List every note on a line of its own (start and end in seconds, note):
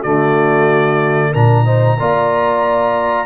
0.00 1.35 D3
0.00 1.34 A3
0.00 1.30 F#4
0.00 1.33 D5
1.31 2.00 A#2
1.31 1.65 D4
1.31 1.64 A#4
1.31 3.26 A#5
1.65 1.98 D#4
1.65 1.98 C5
1.99 3.26 A#3
1.99 3.26 F4
1.99 3.26 D5